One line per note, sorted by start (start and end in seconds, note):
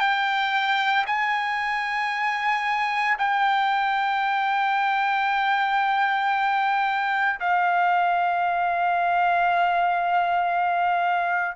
0.00 1.05 G5
1.07 3.17 G#5
3.19 7.40 G5
7.41 11.56 F5